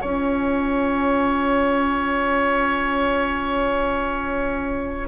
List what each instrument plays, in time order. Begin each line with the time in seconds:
0.00 bassoon C#4, clarinet F4, oboe C#5, flute G#5